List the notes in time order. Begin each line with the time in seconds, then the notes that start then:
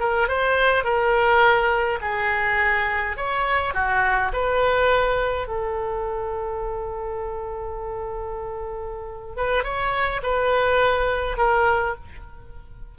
0.00 A#4
0.28 C5
0.84 A#4
2.02 G#4
3.17 C#5
3.74 F#4
4.33 B4
5.48 A4
9.36 B4
9.64 C#5
10.23 B4
11.37 A#4